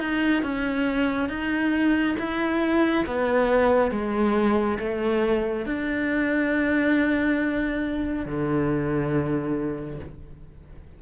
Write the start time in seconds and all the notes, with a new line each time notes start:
0.00 D#4
0.43 C#4
1.29 D#4
2.19 E4
3.06 B3
3.91 G#3
4.79 A3
5.66 D4
8.26 D3